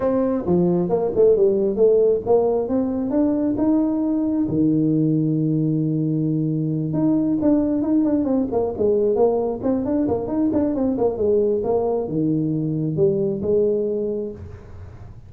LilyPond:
\new Staff \with { instrumentName = "tuba" } { \time 4/4 \tempo 4 = 134 c'4 f4 ais8 a8 g4 | a4 ais4 c'4 d'4 | dis'2 dis2~ | dis2.~ dis8 dis'8~ |
dis'8 d'4 dis'8 d'8 c'8 ais8 gis8~ | gis8 ais4 c'8 d'8 ais8 dis'8 d'8 | c'8 ais8 gis4 ais4 dis4~ | dis4 g4 gis2 | }